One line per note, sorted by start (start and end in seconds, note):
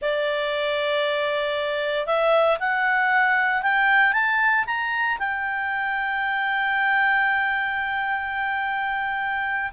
0.01 2.06 D5
2.06 2.58 E5
2.59 3.62 F#5
3.62 4.12 G5
4.12 4.64 A5
4.66 5.18 A#5
5.18 9.71 G5